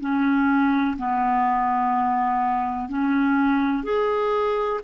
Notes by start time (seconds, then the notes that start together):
0.00 C#4
0.98 B3
2.89 C#4
3.84 G#4